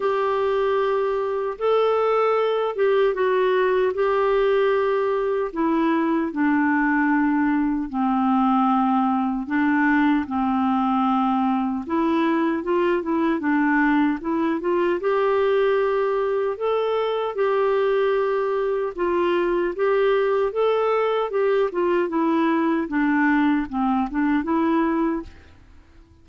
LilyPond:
\new Staff \with { instrumentName = "clarinet" } { \time 4/4 \tempo 4 = 76 g'2 a'4. g'8 | fis'4 g'2 e'4 | d'2 c'2 | d'4 c'2 e'4 |
f'8 e'8 d'4 e'8 f'8 g'4~ | g'4 a'4 g'2 | f'4 g'4 a'4 g'8 f'8 | e'4 d'4 c'8 d'8 e'4 | }